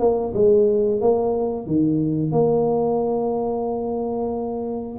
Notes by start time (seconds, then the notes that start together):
0.00 A#3
0.34 G#3
1.01 A#3
1.67 D#3
2.32 A#3